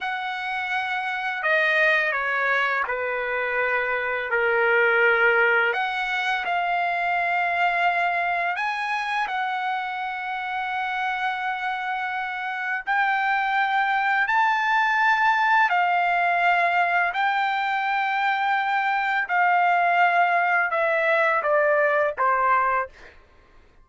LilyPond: \new Staff \with { instrumentName = "trumpet" } { \time 4/4 \tempo 4 = 84 fis''2 dis''4 cis''4 | b'2 ais'2 | fis''4 f''2. | gis''4 fis''2.~ |
fis''2 g''2 | a''2 f''2 | g''2. f''4~ | f''4 e''4 d''4 c''4 | }